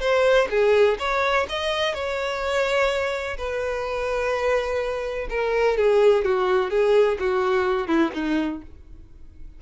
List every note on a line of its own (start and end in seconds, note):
0.00 0.48 C5
0.50 0.98 G#4
0.99 1.46 C#5
1.49 1.94 D#5
1.94 3.37 C#5
3.37 5.28 B4
5.30 5.77 A#4
5.77 6.24 G#4
6.24 6.70 F#4
6.70 7.18 G#4
7.19 7.87 F#4
7.87 8.11 E4
8.14 8.61 D#4